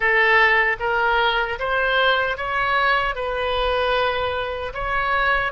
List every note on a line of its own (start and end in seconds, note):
0.00 0.76 A4
0.79 1.58 A#4
1.59 2.37 C5
2.37 3.15 C#5
3.15 4.73 B4
4.73 5.52 C#5